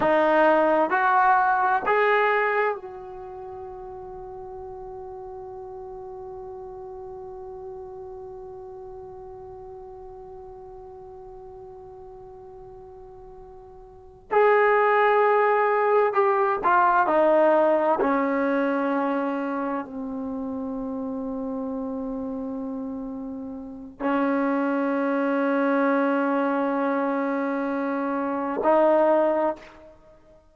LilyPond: \new Staff \with { instrumentName = "trombone" } { \time 4/4 \tempo 4 = 65 dis'4 fis'4 gis'4 fis'4~ | fis'1~ | fis'1~ | fis'2.~ fis'8 gis'8~ |
gis'4. g'8 f'8 dis'4 cis'8~ | cis'4. c'2~ c'8~ | c'2 cis'2~ | cis'2. dis'4 | }